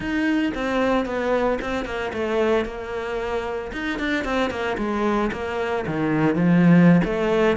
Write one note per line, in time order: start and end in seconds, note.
0.00 0.52 D#4
0.54 1.05 C4
1.05 1.58 B3
1.61 1.85 C4
1.85 2.11 A#3
2.13 2.65 A3
2.65 3.71 A#3
3.72 3.99 D#4
3.99 4.24 D4
4.24 4.50 C4
4.50 4.76 A#3
4.77 5.30 G#3
5.32 5.85 A#3
5.86 6.35 D#3
6.35 7.01 F3
7.04 7.56 A3